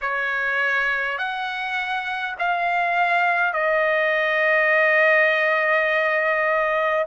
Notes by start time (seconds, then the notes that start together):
0.01 C#5
1.18 F#5
2.39 F5
3.53 D#5